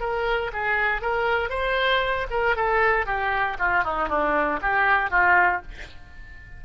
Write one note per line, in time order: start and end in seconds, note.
0.00 0.51 A#4
0.53 1.01 G#4
1.01 1.50 A#4
1.50 2.27 C5
2.31 2.56 A#4
2.56 3.06 A4
3.06 3.57 G4
3.59 3.84 F4
3.84 4.09 D#4
4.09 4.60 D4
4.62 5.10 G4
5.10 5.62 F4